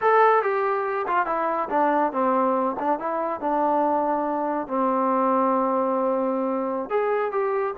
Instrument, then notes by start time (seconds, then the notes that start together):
trombone
0.01 A4
0.42 G4
1.07 F4
1.26 E4
1.69 D4
2.12 C4
2.79 D4
2.99 E4
3.40 D4
4.67 C4
6.89 G#4
7.31 G4